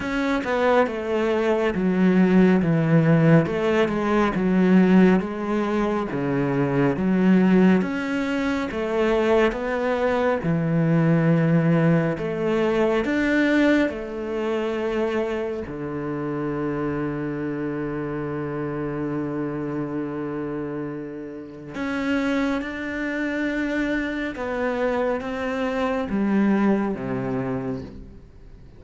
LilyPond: \new Staff \with { instrumentName = "cello" } { \time 4/4 \tempo 4 = 69 cis'8 b8 a4 fis4 e4 | a8 gis8 fis4 gis4 cis4 | fis4 cis'4 a4 b4 | e2 a4 d'4 |
a2 d2~ | d1~ | d4 cis'4 d'2 | b4 c'4 g4 c4 | }